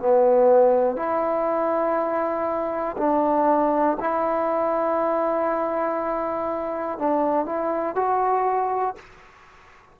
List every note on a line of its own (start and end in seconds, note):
0.00 0.97 B3
0.97 2.97 E4
2.98 3.98 D4
4.00 6.99 E4
6.99 7.46 D4
7.46 7.96 E4
7.96 8.96 F#4